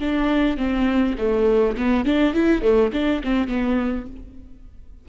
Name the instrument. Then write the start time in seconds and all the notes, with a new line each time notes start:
viola
0.00 D4
0.58 C4
1.19 A3
1.77 B3
2.05 D4
2.34 E4
2.62 A3
2.93 D4
3.24 C4
3.48 B3